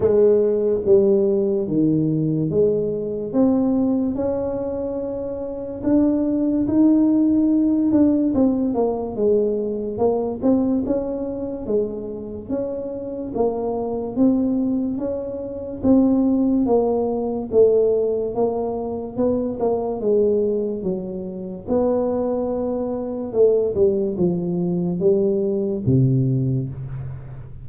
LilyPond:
\new Staff \with { instrumentName = "tuba" } { \time 4/4 \tempo 4 = 72 gis4 g4 dis4 gis4 | c'4 cis'2 d'4 | dis'4. d'8 c'8 ais8 gis4 | ais8 c'8 cis'4 gis4 cis'4 |
ais4 c'4 cis'4 c'4 | ais4 a4 ais4 b8 ais8 | gis4 fis4 b2 | a8 g8 f4 g4 c4 | }